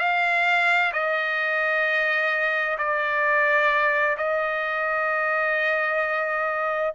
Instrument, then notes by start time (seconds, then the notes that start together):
trumpet
0.00 F5
0.94 D#5
2.78 D5
4.17 D#5